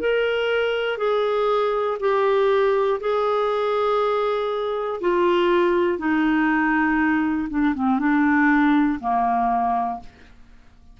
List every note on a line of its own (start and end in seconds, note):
0.00 0.97 A#4
0.97 1.97 G#4
2.00 3.00 G4
3.00 5.00 G#4
5.00 5.98 F4
5.98 7.48 D#4
7.49 7.74 D4
7.75 7.99 C4
7.99 8.99 D4
9.00 10.00 A#3